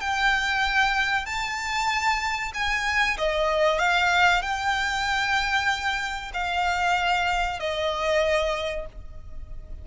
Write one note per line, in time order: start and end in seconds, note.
0.00 1.25 G5
1.25 2.51 A5
2.54 3.17 G#5
3.17 3.78 D#5
3.78 4.42 F5
4.42 6.31 G5
6.33 7.59 F5
7.59 8.86 D#5